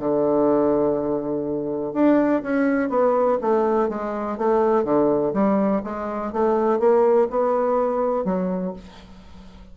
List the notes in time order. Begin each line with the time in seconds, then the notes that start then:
0.00 D3
1.94 D4
2.43 C#4
2.90 B3
3.41 A3
3.90 G#3
4.38 A3
4.84 D3
5.34 G3
5.84 G#3
6.33 A3
6.80 A#3
7.30 B3
8.25 F#3